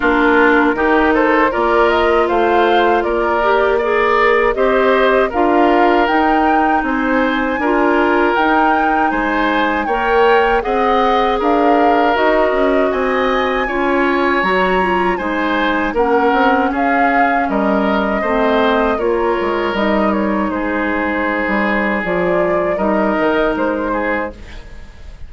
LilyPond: <<
  \new Staff \with { instrumentName = "flute" } { \time 4/4 \tempo 4 = 79 ais'4. c''8 d''8 dis''8 f''4 | d''4 ais'4 dis''4 f''4 | g''4 gis''2 g''4 | gis''4 g''4 fis''4 f''4 |
dis''4 gis''2 ais''4 | gis''4 fis''4 f''4 dis''4~ | dis''4 cis''4 dis''8 cis''8 c''4~ | c''4 d''4 dis''4 c''4 | }
  \new Staff \with { instrumentName = "oboe" } { \time 4/4 f'4 g'8 a'8 ais'4 c''4 | ais'4 d''4 c''4 ais'4~ | ais'4 c''4 ais'2 | c''4 cis''4 dis''4 ais'4~ |
ais'4 dis''4 cis''2 | c''4 ais'4 gis'4 ais'4 | c''4 ais'2 gis'4~ | gis'2 ais'4. gis'8 | }
  \new Staff \with { instrumentName = "clarinet" } { \time 4/4 d'4 dis'4 f'2~ | f'8 g'8 gis'4 g'4 f'4 | dis'2 f'4 dis'4~ | dis'4 ais'4 gis'2 |
fis'2 f'4 fis'8 f'8 | dis'4 cis'2. | c'4 f'4 dis'2~ | dis'4 f'4 dis'2 | }
  \new Staff \with { instrumentName = "bassoon" } { \time 4/4 ais4 dis4 ais4 a4 | ais2 c'4 d'4 | dis'4 c'4 d'4 dis'4 | gis4 ais4 c'4 d'4 |
dis'8 cis'8 c'4 cis'4 fis4 | gis4 ais8 c'8 cis'4 g4 | a4 ais8 gis8 g4 gis4~ | gis16 g8. f4 g8 dis8 gis4 | }
>>